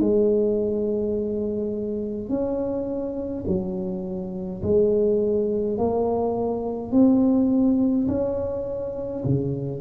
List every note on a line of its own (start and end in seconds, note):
0.00 2.29 G#3
2.29 3.44 C#4
3.47 4.62 F#3
4.63 5.77 G#3
5.77 6.92 A#3
6.92 8.07 C4
8.08 9.23 C#4
9.25 9.81 C#3